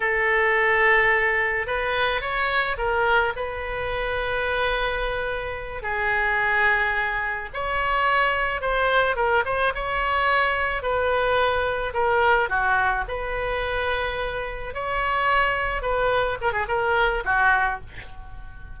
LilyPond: \new Staff \with { instrumentName = "oboe" } { \time 4/4 \tempo 4 = 108 a'2. b'4 | cis''4 ais'4 b'2~ | b'2~ b'8 gis'4.~ | gis'4. cis''2 c''8~ |
c''8 ais'8 c''8 cis''2 b'8~ | b'4. ais'4 fis'4 b'8~ | b'2~ b'8 cis''4.~ | cis''8 b'4 ais'16 gis'16 ais'4 fis'4 | }